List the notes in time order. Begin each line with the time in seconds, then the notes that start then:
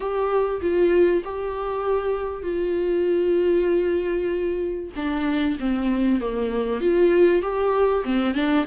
0.00 G4
0.61 F4
1.24 G4
2.43 F4
4.96 D4
5.59 C4
6.20 A#3
6.80 F4
7.41 G4
8.04 C4
8.34 D4